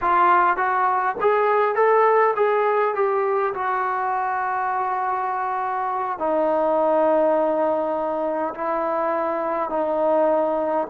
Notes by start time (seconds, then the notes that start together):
0.01 F4
0.56 F#4
1.21 G#4
1.75 A4
2.36 G#4
2.94 G4
3.54 F#4
6.18 D#4
8.54 E4
9.69 D#4